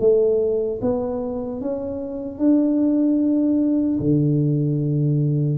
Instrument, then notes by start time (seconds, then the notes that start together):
tuba
0.00 A3
0.81 B3
1.61 C#4
2.39 D4
4.00 D3